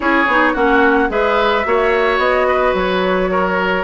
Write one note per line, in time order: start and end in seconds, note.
0.00 0.27 C#4
0.00 0.25 E4
0.00 0.53 G#4
0.00 0.55 C#5
0.27 0.54 B3
0.27 0.55 D#4
0.53 1.09 A#3
0.53 1.09 C#4
0.53 1.08 F#4
0.53 1.10 F#5
1.09 1.64 G#3
1.09 1.64 G#4
1.09 1.66 B4
1.09 2.18 E5
1.64 2.17 A#3
1.64 3.84 F#4
1.64 2.47 C#5
2.17 2.72 B3
2.17 2.73 D#5
2.47 3.30 B4
2.74 3.84 F#3
2.74 3.84 C#5
3.31 3.84 A#4